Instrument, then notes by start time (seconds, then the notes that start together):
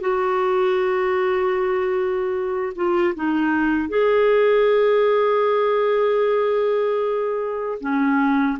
clarinet
0.00 F#4
2.75 F4
3.15 D#4
3.89 G#4
7.80 C#4